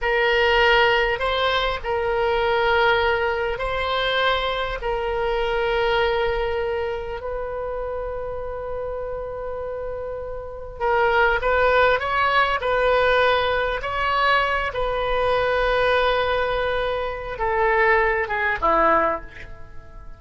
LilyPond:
\new Staff \with { instrumentName = "oboe" } { \time 4/4 \tempo 4 = 100 ais'2 c''4 ais'4~ | ais'2 c''2 | ais'1 | b'1~ |
b'2 ais'4 b'4 | cis''4 b'2 cis''4~ | cis''8 b'2.~ b'8~ | b'4 a'4. gis'8 e'4 | }